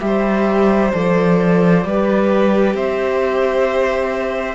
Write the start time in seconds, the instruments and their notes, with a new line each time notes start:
0.00 cello G3, viola G4, flute E5
0.06 violin C5
0.93 cello F3, viola A4, flute D5
1.84 cello G3, viola G4, violin B4
2.74 cello C4, violin C5, flute E5